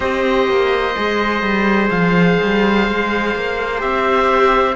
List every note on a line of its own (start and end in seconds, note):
0.00 0.47 C4
0.00 0.93 G4
0.00 4.75 C5
0.00 1.89 D#5
0.47 0.95 A#3
0.95 1.42 G#3
0.95 3.78 G#4
1.42 1.89 G3
1.89 2.38 F3
1.89 3.80 F5
2.42 2.87 G3
2.87 3.35 G#3
3.35 3.82 A#3
3.78 4.75 C4
3.78 4.73 G4
3.78 4.75 E5